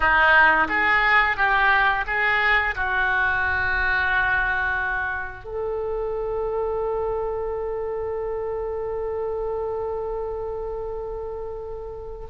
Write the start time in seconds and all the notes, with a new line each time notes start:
0.00 D#4
0.68 G#4
1.36 G4
2.06 G#4
2.75 F#4
5.44 A4